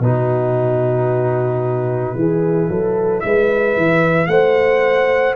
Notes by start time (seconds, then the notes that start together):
0.00 B2 D#4 F#4 B4
2.16 E3 E4 G#4
2.70 F#3 A4
3.20 G#3 E5
3.26 B4
3.77 E3
4.27 A3 C5 F#5